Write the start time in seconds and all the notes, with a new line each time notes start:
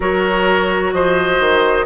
0.00 F#3 F#4 A#4 C#5
0.92 F3 C5 D#5
1.39 D#3